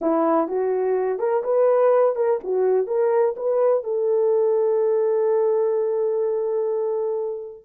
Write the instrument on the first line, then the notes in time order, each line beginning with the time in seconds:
horn
0.01 E4
0.48 F#4
1.19 A#4
1.43 B4
2.15 A#4
2.43 F#4
2.87 A#4
3.36 B4
3.83 A4